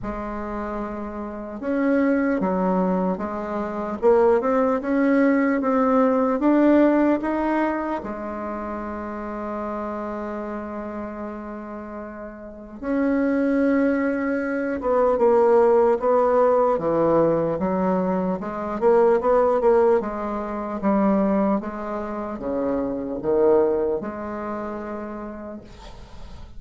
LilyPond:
\new Staff \with { instrumentName = "bassoon" } { \time 4/4 \tempo 4 = 75 gis2 cis'4 fis4 | gis4 ais8 c'8 cis'4 c'4 | d'4 dis'4 gis2~ | gis1 |
cis'2~ cis'8 b8 ais4 | b4 e4 fis4 gis8 ais8 | b8 ais8 gis4 g4 gis4 | cis4 dis4 gis2 | }